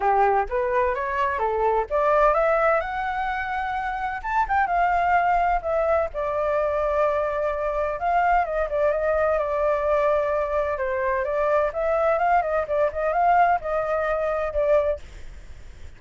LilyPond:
\new Staff \with { instrumentName = "flute" } { \time 4/4 \tempo 4 = 128 g'4 b'4 cis''4 a'4 | d''4 e''4 fis''2~ | fis''4 a''8 g''8 f''2 | e''4 d''2.~ |
d''4 f''4 dis''8 d''8 dis''4 | d''2. c''4 | d''4 e''4 f''8 dis''8 d''8 dis''8 | f''4 dis''2 d''4 | }